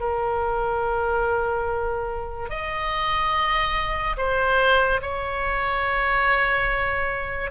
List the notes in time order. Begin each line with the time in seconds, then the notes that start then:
0.00 A#4
2.50 D#5
4.17 C5
5.02 C#5